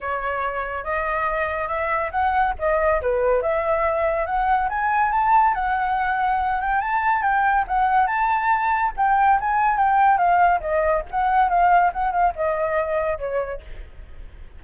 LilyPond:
\new Staff \with { instrumentName = "flute" } { \time 4/4 \tempo 4 = 141 cis''2 dis''2 | e''4 fis''4 dis''4 b'4 | e''2 fis''4 gis''4 | a''4 fis''2~ fis''8 g''8 |
a''4 g''4 fis''4 a''4~ | a''4 g''4 gis''4 g''4 | f''4 dis''4 fis''4 f''4 | fis''8 f''8 dis''2 cis''4 | }